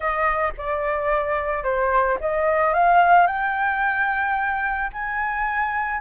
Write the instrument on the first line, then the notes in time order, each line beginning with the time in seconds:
flute
0.00 D#5
0.57 D5
1.63 C5
2.20 D#5
2.73 F5
3.26 G5
4.92 G#5